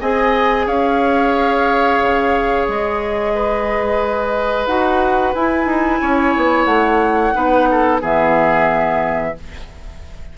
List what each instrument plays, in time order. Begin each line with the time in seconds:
0.00 bassoon C4, clarinet G#4, oboe D#5, flute G#5
0.66 bassoon C#4, oboe C#5, flute F5
2.01 bassoon C#3
2.68 bassoon G#3, flute D#5
3.34 oboe B4
4.66 bassoon D#4, clarinet F#4, flute F#5
5.34 bassoon E4, clarinet E4, flute G#5
5.65 bassoon D#4
6.00 bassoon C#4, oboe C#5
6.36 bassoon B3
6.64 bassoon A3, flute F#5
7.33 bassoon B3, clarinet D#4, oboe B4
7.70 oboe A4
8.01 bassoon E3, clarinet B3, oboe G#4, flute E5